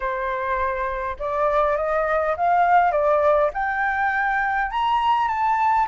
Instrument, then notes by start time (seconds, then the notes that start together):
flute
0.00 C5
1.19 D5
1.76 D#5
2.37 F5
2.91 D5
3.53 G5
4.71 A#5
5.28 A5